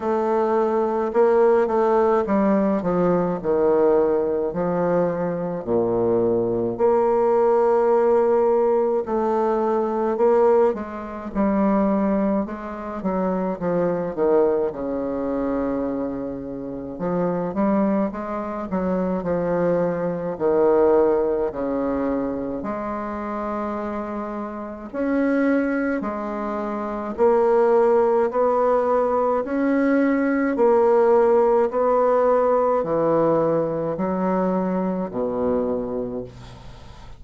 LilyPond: \new Staff \with { instrumentName = "bassoon" } { \time 4/4 \tempo 4 = 53 a4 ais8 a8 g8 f8 dis4 | f4 ais,4 ais2 | a4 ais8 gis8 g4 gis8 fis8 | f8 dis8 cis2 f8 g8 |
gis8 fis8 f4 dis4 cis4 | gis2 cis'4 gis4 | ais4 b4 cis'4 ais4 | b4 e4 fis4 b,4 | }